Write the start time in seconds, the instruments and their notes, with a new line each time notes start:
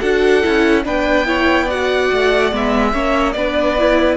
0.00 cello D4, viola F#4, violin A4 F#5
0.44 cello C#4, viola E4
0.85 cello B3, viola D4, violin B4 G5
1.26 viola E4, violin C#5
1.65 viola F#4, violin D5 F#5
2.13 cello A3
2.52 cello G#3, viola B3, violin E5
2.93 cello A#3, viola C#4, violin C#5
3.32 cello B3, viola D4, violin B4 D5
3.79 viola E4